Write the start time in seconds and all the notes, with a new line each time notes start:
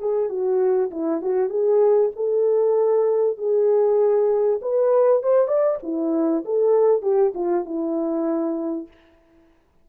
0.00 G#4
0.30 F#4
0.91 E4
1.22 F#4
1.50 G#4
2.17 A4
3.38 G#4
4.62 B4
5.23 C5
5.48 D5
5.83 E4
6.45 A4
7.03 G4
7.35 F4
7.66 E4